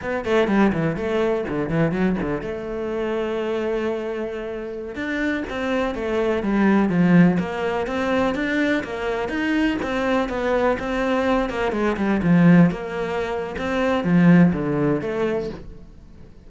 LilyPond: \new Staff \with { instrumentName = "cello" } { \time 4/4 \tempo 4 = 124 b8 a8 g8 e8 a4 d8 e8 | fis8 d8 a2.~ | a2~ a16 d'4 c'8.~ | c'16 a4 g4 f4 ais8.~ |
ais16 c'4 d'4 ais4 dis'8.~ | dis'16 c'4 b4 c'4. ais16~ | ais16 gis8 g8 f4 ais4.~ ais16 | c'4 f4 d4 a4 | }